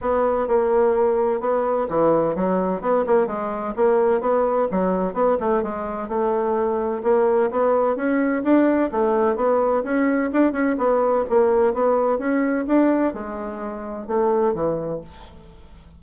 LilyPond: \new Staff \with { instrumentName = "bassoon" } { \time 4/4 \tempo 4 = 128 b4 ais2 b4 | e4 fis4 b8 ais8 gis4 | ais4 b4 fis4 b8 a8 | gis4 a2 ais4 |
b4 cis'4 d'4 a4 | b4 cis'4 d'8 cis'8 b4 | ais4 b4 cis'4 d'4 | gis2 a4 e4 | }